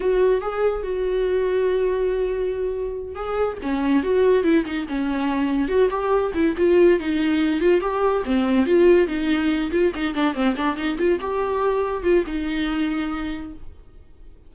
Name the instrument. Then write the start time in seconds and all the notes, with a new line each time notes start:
viola
0.00 F#4
0.41 G#4
0.83 F#4
3.15 G#4
3.62 C#4
4.03 F#4
4.43 E4
4.65 D#4
4.88 C#4
5.68 F#4
5.90 G4
6.34 E4
6.57 F4
6.99 D#4
7.60 F4
7.81 G4
8.25 C4
8.66 F4
9.07 D#4
9.71 F4
9.94 D#4
10.14 D4
10.34 C4
10.56 D4
10.76 D#4
10.97 F4
11.20 G4
12.03 F4
12.26 D#4